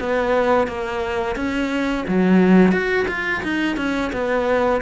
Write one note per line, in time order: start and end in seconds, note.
0.00 0.68 B3
0.68 1.36 A#3
1.36 2.05 C#4
2.08 2.72 F#3
2.72 3.07 F#4
3.08 3.43 F4
3.43 3.77 D#4
3.77 4.12 C#4
4.13 4.82 B3